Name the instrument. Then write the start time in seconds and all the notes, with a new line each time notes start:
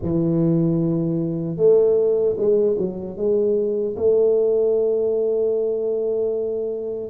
tuba
0.02 E3
1.56 A3
2.37 G#3
2.77 F#3
3.17 G#3
3.96 A3